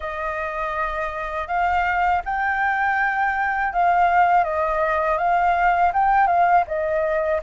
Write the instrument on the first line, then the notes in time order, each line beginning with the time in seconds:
flute
0.00 D#5
1.47 F5
2.25 G5
3.72 F5
4.43 D#5
5.18 F5
5.93 G5
6.27 F5
6.67 D#5